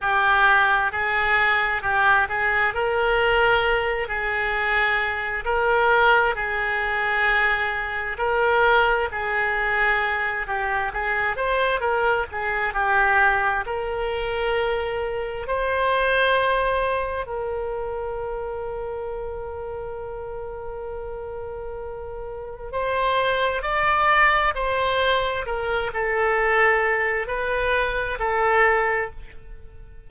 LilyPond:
\new Staff \with { instrumentName = "oboe" } { \time 4/4 \tempo 4 = 66 g'4 gis'4 g'8 gis'8 ais'4~ | ais'8 gis'4. ais'4 gis'4~ | gis'4 ais'4 gis'4. g'8 | gis'8 c''8 ais'8 gis'8 g'4 ais'4~ |
ais'4 c''2 ais'4~ | ais'1~ | ais'4 c''4 d''4 c''4 | ais'8 a'4. b'4 a'4 | }